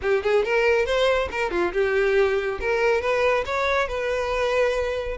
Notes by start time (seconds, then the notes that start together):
0.02 G4
0.23 G#4
0.44 A#4
0.85 C5
1.31 A#4
1.50 F4
1.73 G4
2.60 A#4
3.01 B4
3.45 C#5
3.88 B4